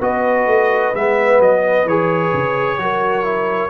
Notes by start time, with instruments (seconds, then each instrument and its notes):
0.00 tuba B3, trombone F#4, horn B4, trumpet D#5
0.46 tuba A3
0.94 tuba G#3, trombone B3, trumpet E5
1.39 tuba F#3, trumpet D#5
1.85 tuba E3, trombone G#4, trumpet C#5
2.33 tuba C#3
2.79 tuba F#3, trombone F#4, horn A#4
3.23 trombone E4